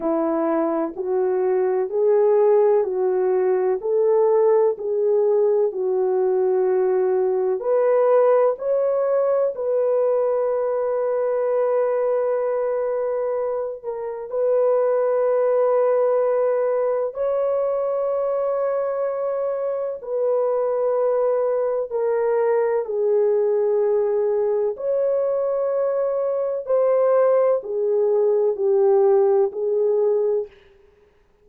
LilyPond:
\new Staff \with { instrumentName = "horn" } { \time 4/4 \tempo 4 = 63 e'4 fis'4 gis'4 fis'4 | a'4 gis'4 fis'2 | b'4 cis''4 b'2~ | b'2~ b'8 ais'8 b'4~ |
b'2 cis''2~ | cis''4 b'2 ais'4 | gis'2 cis''2 | c''4 gis'4 g'4 gis'4 | }